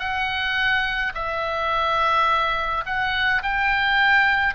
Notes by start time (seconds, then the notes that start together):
0.00 F#5
1.15 E5
2.86 F#5
3.43 G5